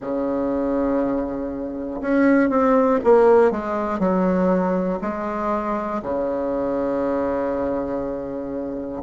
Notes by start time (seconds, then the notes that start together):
0.00 C#3
2.00 C#4
2.49 C4
3.04 A#3
3.51 G#3
3.99 F#3
5.01 G#3
6.02 C#3